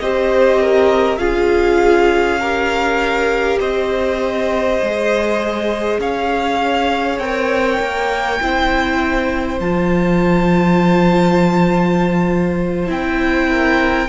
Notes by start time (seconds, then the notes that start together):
0.00 C4 G4 C5 D#5
0.62 A#4
1.18 C#4 F4 G#4 F5
2.41 G4 A#4
3.60 C4 C5 D#5
4.82 G#3 G#4
5.99 C#4 C#5 F5
7.19 C4 A#4 G5
7.80 A#3
8.43 C4 E4 C5
9.60 F3 F4 A5
12.87 C4 E4 G5
13.50 A#4